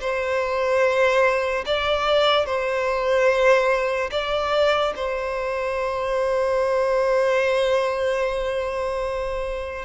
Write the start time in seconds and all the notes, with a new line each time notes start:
0.00 C5
1.65 D5
2.45 C5
4.11 D5
4.95 C5